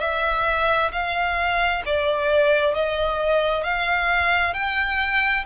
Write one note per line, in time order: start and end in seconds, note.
0.00 0.91 E5
0.92 1.83 F5
1.85 2.74 D5
2.74 3.63 D#5
3.63 4.53 F5
4.53 5.44 G5